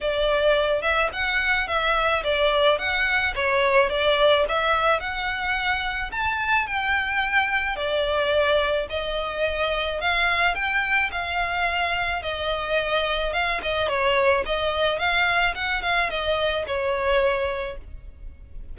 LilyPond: \new Staff \with { instrumentName = "violin" } { \time 4/4 \tempo 4 = 108 d''4. e''8 fis''4 e''4 | d''4 fis''4 cis''4 d''4 | e''4 fis''2 a''4 | g''2 d''2 |
dis''2 f''4 g''4 | f''2 dis''2 | f''8 dis''8 cis''4 dis''4 f''4 | fis''8 f''8 dis''4 cis''2 | }